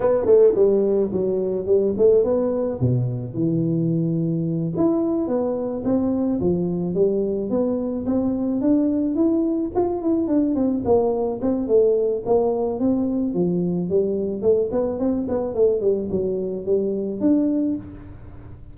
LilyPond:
\new Staff \with { instrumentName = "tuba" } { \time 4/4 \tempo 4 = 108 b8 a8 g4 fis4 g8 a8 | b4 b,4 e2~ | e8 e'4 b4 c'4 f8~ | f8 g4 b4 c'4 d'8~ |
d'8 e'4 f'8 e'8 d'8 c'8 ais8~ | ais8 c'8 a4 ais4 c'4 | f4 g4 a8 b8 c'8 b8 | a8 g8 fis4 g4 d'4 | }